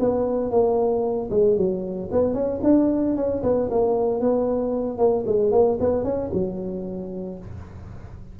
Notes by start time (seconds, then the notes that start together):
0.00 B3
0.51 A#3
1.31 G#3
1.57 F#3
2.12 B3
2.34 C#4
2.64 D4
3.16 C#4
3.43 B3
3.71 A#3
4.21 B3
4.98 A#3
5.27 G#3
5.52 A#3
5.80 B3
6.04 C#4
6.33 F#3